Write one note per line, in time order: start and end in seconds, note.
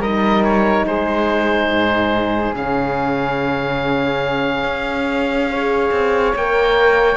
0.00 0.85 G3
0.00 2.55 D#4
0.00 0.85 A#4
0.00 0.44 D#5
0.44 0.86 C#5
0.86 1.70 G#3
0.86 5.51 G#4
0.86 2.55 C5
1.70 2.53 G#2
2.53 4.63 C#3
2.53 5.51 C#4
2.53 6.36 F5
4.63 5.90 C#4
5.51 6.36 G#4
5.51 7.16 C#5
5.91 6.33 C4
6.35 7.16 A#3
6.35 7.16 A#4
6.35 7.16 G5